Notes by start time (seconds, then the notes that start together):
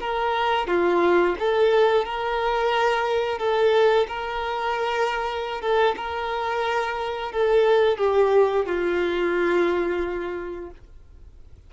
0.00 A#4
0.67 F4
1.39 A4
2.05 A#4
3.38 A4
4.08 A#4
5.61 A4
5.96 A#4
7.32 A4
7.97 G4
8.66 F4